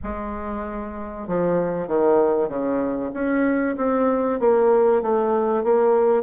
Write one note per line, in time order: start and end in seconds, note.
0.03 1.27 G#3
1.27 1.87 F3
1.87 2.48 D#3
2.48 3.11 C#3
3.13 3.76 C#4
3.77 4.39 C4
4.39 5.02 A#3
5.02 5.63 A3
5.63 6.23 A#3